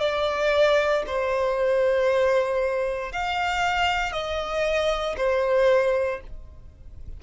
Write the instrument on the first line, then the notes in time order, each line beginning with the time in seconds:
violin
0.00 D5
1.07 C5
3.13 F5
4.12 D#5
5.17 C5